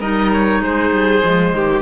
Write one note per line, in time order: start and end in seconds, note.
0.00 0.60 G3
0.00 1.22 D#4
0.00 0.61 A#4
0.00 0.32 D#5
0.33 0.63 C#5
0.60 0.91 G#3
0.60 1.56 G#4
0.60 1.82 C5
0.92 1.23 G3
1.22 1.53 F3
1.22 1.82 G#3
1.53 1.82 D#3
1.53 1.82 G4